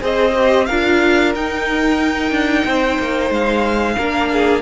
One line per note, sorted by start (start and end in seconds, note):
0.00 0.68 C4
0.00 0.33 G#4
0.00 0.66 C5
0.00 0.66 D#5
0.36 0.69 G4
0.66 1.35 D4
0.66 1.35 F4
0.66 2.64 A#4
0.66 1.32 F5
1.35 2.30 D#4
1.35 3.99 D#4
1.35 3.33 G5
2.30 2.63 D4
2.64 2.98 C4
2.64 3.96 C5
2.99 3.30 A#3
3.30 3.96 G#3
3.30 4.62 F5
3.96 4.62 A#3
3.96 4.62 D4
3.96 4.29 A#4
4.32 4.62 G#4